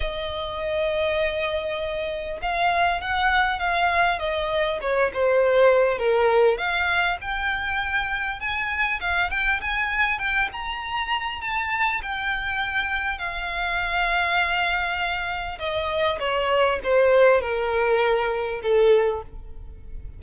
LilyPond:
\new Staff \with { instrumentName = "violin" } { \time 4/4 \tempo 4 = 100 dis''1 | f''4 fis''4 f''4 dis''4 | cis''8 c''4. ais'4 f''4 | g''2 gis''4 f''8 g''8 |
gis''4 g''8 ais''4. a''4 | g''2 f''2~ | f''2 dis''4 cis''4 | c''4 ais'2 a'4 | }